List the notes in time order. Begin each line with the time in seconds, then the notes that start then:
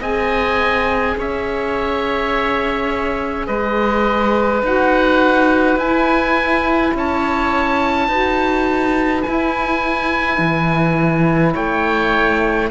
0.00 C4 G#4 D#5 G#5
1.18 C#4 C#5 E5
3.46 G#3 B4 D#5
4.62 D#4 F#4 F#5
5.76 E4 G#5
6.94 C#4 C#5 A5
8.08 D#4 F#4 B4
9.22 E4 G#5
10.39 E3
11.53 A3 C#5 G5